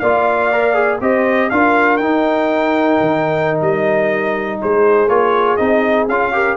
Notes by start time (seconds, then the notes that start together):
0.00 A#3 F4 D5 F5
0.53 A#4
0.75 G#4
1.01 C4 G4 C5 D#5
1.50 D4 F4 A#4 F5
1.97 D#4 G5
3.01 D#3
3.62 G3 D#5
4.61 G#3 G#4 C5
5.07 A#3 F4 C#5
5.57 C4 D#4 D#5
6.08 C#4 F4 F5
6.33 G4 A#4